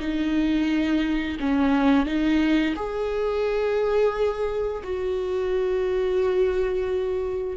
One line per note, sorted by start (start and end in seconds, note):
0.00 1.38 D#4
1.40 2.06 C#4
2.06 2.75 D#4
2.76 4.83 G#4
4.84 7.58 F#4